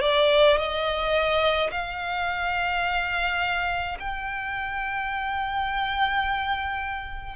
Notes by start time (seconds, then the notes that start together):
0.00 D5
0.57 D#5
1.71 F5
3.99 G5